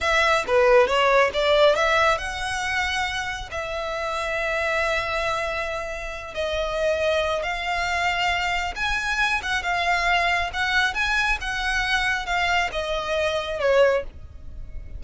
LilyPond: \new Staff \with { instrumentName = "violin" } { \time 4/4 \tempo 4 = 137 e''4 b'4 cis''4 d''4 | e''4 fis''2. | e''1~ | e''2~ e''8 dis''4.~ |
dis''4 f''2. | gis''4. fis''8 f''2 | fis''4 gis''4 fis''2 | f''4 dis''2 cis''4 | }